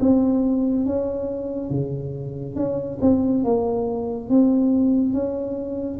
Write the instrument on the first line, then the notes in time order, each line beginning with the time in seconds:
tuba
0.00 C4
0.85 C#4
1.70 C#3
2.56 C#4
3.01 C4
3.44 A#3
4.29 C4
5.13 C#4